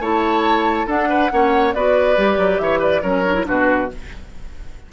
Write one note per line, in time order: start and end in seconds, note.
0.00 0.86 A3
0.00 0.87 E4
0.00 0.87 C#5
0.00 0.88 A5
0.87 1.30 D4
0.87 1.31 D4
0.87 1.09 A4
0.87 1.74 F#5
1.09 1.31 B4
1.31 1.75 A#3
1.31 1.74 C#4
1.31 1.75 C#5
1.74 2.18 B3
1.74 2.17 F#4
1.74 2.62 B4
1.74 2.59 D5
2.17 2.38 G3
2.17 3.02 G4
2.38 2.60 F#3
2.59 3.03 E3
2.59 2.79 C#5
2.59 2.80 E5
2.79 3.01 B4
2.79 3.03 D5
3.02 3.46 F#3
3.02 3.24 C#4
3.02 3.46 A#4
3.02 3.46 C#5
3.26 3.34 D4
3.34 3.45 E4
3.45 3.93 B2
3.45 3.88 D4
3.45 3.91 F#4
3.45 3.92 B4